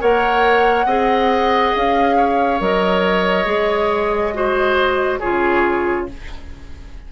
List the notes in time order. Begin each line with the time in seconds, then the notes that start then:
0.00 A#3 A#4 C#5 F#5
0.86 C4 G#4 D#5
1.74 C#4 F5
2.17 C#5
2.60 F#3 A#4 D#5
3.45 G#3 G#4
4.34 F#4 C5
5.19 C#3 F4 G#4 C#5